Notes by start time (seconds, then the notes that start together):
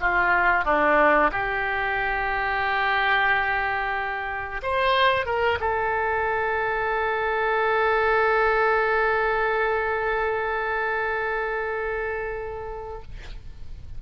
0.00 F4
0.65 D4
1.32 G4
4.62 C5
5.26 A#4
5.60 A4